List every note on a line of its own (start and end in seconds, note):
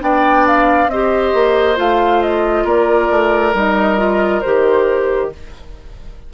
0.00 0.87 B3
0.00 0.88 D4
0.00 0.91 D5
0.00 0.46 G5
0.47 0.89 F5
0.87 1.31 C4
0.87 1.76 G4
0.87 2.64 C5
0.87 1.77 D#5
1.33 1.78 A#3
1.76 2.64 A3
1.76 3.52 F4
1.76 2.22 F5
2.22 2.66 D#5
2.64 3.08 A#3
2.64 5.28 A#4
2.64 3.55 D5
3.10 3.54 A3
3.54 4.42 G3
3.54 3.97 D#4
3.54 4.41 D#5
3.97 4.41 F4
4.41 5.33 D#3
4.41 5.32 G4
4.41 5.29 C5